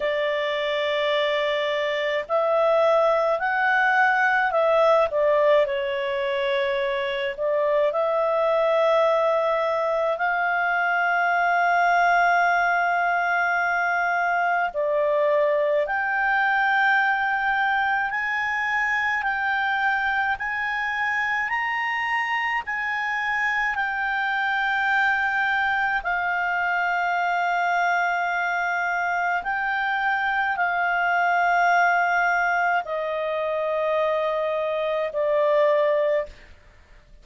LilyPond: \new Staff \with { instrumentName = "clarinet" } { \time 4/4 \tempo 4 = 53 d''2 e''4 fis''4 | e''8 d''8 cis''4. d''8 e''4~ | e''4 f''2.~ | f''4 d''4 g''2 |
gis''4 g''4 gis''4 ais''4 | gis''4 g''2 f''4~ | f''2 g''4 f''4~ | f''4 dis''2 d''4 | }